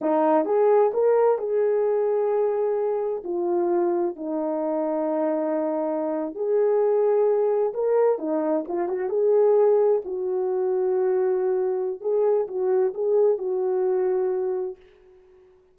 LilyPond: \new Staff \with { instrumentName = "horn" } { \time 4/4 \tempo 4 = 130 dis'4 gis'4 ais'4 gis'4~ | gis'2. f'4~ | f'4 dis'2.~ | dis'4.~ dis'16 gis'2~ gis'16~ |
gis'8. ais'4 dis'4 f'8 fis'8 gis'16~ | gis'4.~ gis'16 fis'2~ fis'16~ | fis'2 gis'4 fis'4 | gis'4 fis'2. | }